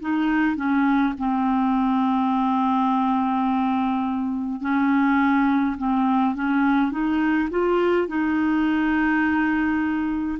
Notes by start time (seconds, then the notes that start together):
0.00 D#4
0.56 C#4
1.18 C4
4.60 C#4
5.77 C4
6.35 C#4
6.91 D#4
7.50 F4
8.08 D#4